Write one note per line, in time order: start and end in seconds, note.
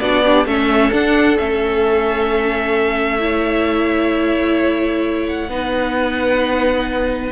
0.00 0.45 B3
0.00 0.24 D4
0.00 0.23 F#4
0.00 0.46 D5
0.23 0.45 D4
0.23 0.46 G4
0.45 0.91 A3
0.45 0.92 C#4
0.45 3.20 A4
0.45 0.92 E5
0.92 1.37 D4
0.92 1.37 F#5
1.37 5.49 A3
1.37 3.19 C#4
1.37 5.26 E5
3.19 5.48 E4
3.19 5.50 C#5
5.27 7.31 F#5
5.49 7.31 B3
5.49 7.31 D#4
5.49 7.31 B4